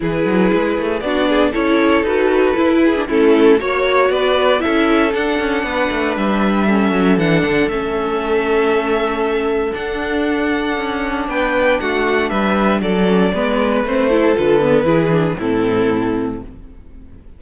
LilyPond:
<<
  \new Staff \with { instrumentName = "violin" } { \time 4/4 \tempo 4 = 117 b'2 d''4 cis''4 | b'2 a'4 cis''4 | d''4 e''4 fis''2 | e''2 fis''4 e''4~ |
e''2. fis''4~ | fis''2 g''4 fis''4 | e''4 d''2 c''4 | b'2 a'2 | }
  \new Staff \with { instrumentName = "violin" } { \time 4/4 gis'2 fis'8 gis'8 a'4~ | a'4. gis'8 e'4 cis''4 | b'4 a'2 b'4~ | b'4 a'2.~ |
a'1~ | a'2 b'4 fis'4 | b'4 a'4 b'4. a'8~ | a'4 gis'4 e'2 | }
  \new Staff \with { instrumentName = "viola" } { \time 4/4 e'2 d'4 e'4 | fis'4 e'8. d'16 cis'4 fis'4~ | fis'4 e'4 d'2~ | d'4 cis'4 d'4 cis'4~ |
cis'2. d'4~ | d'1~ | d'4. cis'8 b4 c'8 e'8 | f'8 b8 e'8 d'8 c'2 | }
  \new Staff \with { instrumentName = "cello" } { \time 4/4 e8 fis8 gis8 a8 b4 cis'4 | dis'4 e'4 a4 ais4 | b4 cis'4 d'8 cis'8 b8 a8 | g4. fis8 e8 d8 a4~ |
a2. d'4~ | d'4 cis'4 b4 a4 | g4 fis4 gis4 a4 | d4 e4 a,2 | }
>>